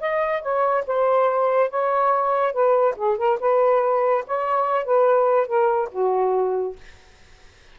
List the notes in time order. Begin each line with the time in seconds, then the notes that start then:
0.00 D#5
0.42 C#5
0.87 C5
1.70 C#5
2.53 B4
2.96 G#4
3.17 A#4
3.40 B4
4.27 C#5
4.85 B4
5.47 A#4
5.91 F#4